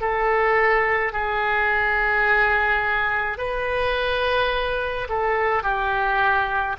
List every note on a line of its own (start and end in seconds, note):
0.00 1.12 A4
1.12 3.38 G#4
3.38 5.07 B4
5.08 5.62 A4
5.62 6.76 G4